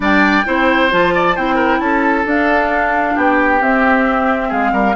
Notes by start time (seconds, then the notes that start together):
0.00 G3 D4 D5 G5
0.45 C4 E4 C5
0.90 F3 F4 A5
1.14 D5
1.35 C4 E4 C5 G5
1.55 A#4
1.79 C#4 A4 A5
2.25 D4 F5
3.15 B3 G4 G5
3.60 C4 E5
4.48 G#3 G#4 F5
4.72 G3 A#4